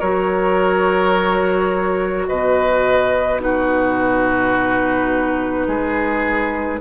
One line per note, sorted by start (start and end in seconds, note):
0.00 2.28 F#3
0.00 3.40 F#4
0.00 2.26 A#4
0.00 2.27 C#5
2.27 5.67 B2
2.27 3.42 B4
2.27 3.41 D#5
3.40 6.80 D#4
3.40 5.68 F#4
3.40 6.81 B4
5.67 6.81 G#3
5.67 6.81 G#4